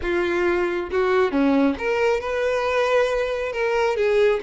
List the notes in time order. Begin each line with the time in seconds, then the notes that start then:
0.01 F4
0.91 F#4
1.31 C#4
1.78 A#4
2.20 B4
3.52 A#4
3.96 G#4